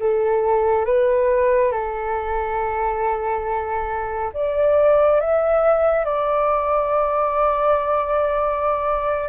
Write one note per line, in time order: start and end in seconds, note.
0.00 0.85 A4
0.85 1.72 B4
1.72 4.32 A4
4.34 5.20 D5
5.20 6.05 E5
6.05 9.29 D5